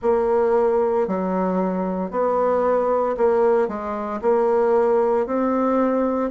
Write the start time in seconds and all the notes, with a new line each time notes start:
0.02 A#3
1.07 F#3
2.11 B3
3.17 A#3
3.67 G#3
4.21 A#3
5.26 C4